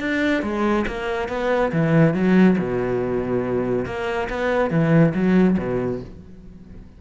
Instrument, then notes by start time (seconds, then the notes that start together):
cello
0.00 D4
0.42 G#3
0.87 A#3
1.29 B3
1.72 E3
2.14 F#3
2.59 B2
3.86 A#3
4.30 B3
4.70 E3
5.14 F#3
5.58 B2